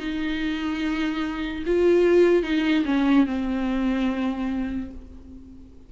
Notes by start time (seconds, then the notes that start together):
0.00 D#4
1.67 F4
2.44 D#4
2.85 C#4
3.27 C4